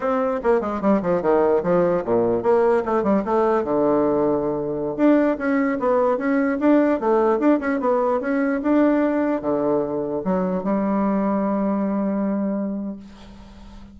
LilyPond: \new Staff \with { instrumentName = "bassoon" } { \time 4/4 \tempo 4 = 148 c'4 ais8 gis8 g8 f8 dis4 | f4 ais,4 ais4 a8 g8 | a4 d2.~ | d16 d'4 cis'4 b4 cis'8.~ |
cis'16 d'4 a4 d'8 cis'8 b8.~ | b16 cis'4 d'2 d8.~ | d4~ d16 fis4 g4.~ g16~ | g1 | }